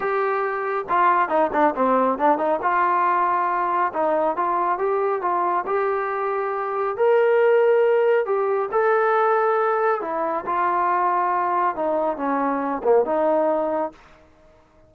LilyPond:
\new Staff \with { instrumentName = "trombone" } { \time 4/4 \tempo 4 = 138 g'2 f'4 dis'8 d'8 | c'4 d'8 dis'8 f'2~ | f'4 dis'4 f'4 g'4 | f'4 g'2. |
ais'2. g'4 | a'2. e'4 | f'2. dis'4 | cis'4. ais8 dis'2 | }